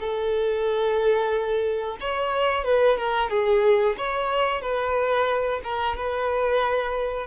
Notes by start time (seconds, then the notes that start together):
0.00 A4
2.01 C#5
2.65 B4
2.98 A#4
3.30 G#4
3.98 C#5
4.62 B4
5.64 A#4
5.97 B4